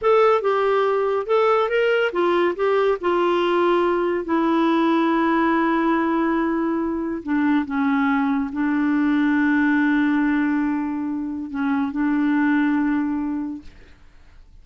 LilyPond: \new Staff \with { instrumentName = "clarinet" } { \time 4/4 \tempo 4 = 141 a'4 g'2 a'4 | ais'4 f'4 g'4 f'4~ | f'2 e'2~ | e'1~ |
e'4 d'4 cis'2 | d'1~ | d'2. cis'4 | d'1 | }